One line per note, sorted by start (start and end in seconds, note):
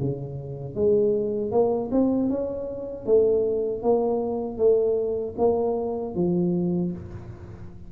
0.00 0.75 C#3
0.75 1.51 G#3
1.51 1.90 A#3
1.91 2.29 C4
2.29 3.06 C#4
3.06 3.83 A3
3.83 4.58 A#3
4.58 5.35 A3
5.37 6.14 A#3
6.14 6.91 F3